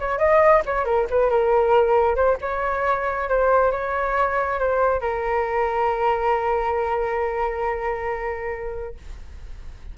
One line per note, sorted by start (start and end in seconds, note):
0.00 0.19 C#5
0.19 0.63 D#5
0.66 0.85 C#5
0.85 1.07 A#4
1.10 1.31 B4
1.31 2.16 A#4
2.16 2.38 C5
2.41 3.29 C#5
3.29 3.72 C5
3.72 4.60 C#5
4.60 5.01 C5
5.01 8.95 A#4